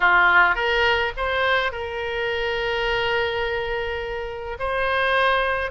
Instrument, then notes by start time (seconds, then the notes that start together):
oboe
0.00 F4
0.55 A#4
1.17 C5
1.72 A#4
4.59 C5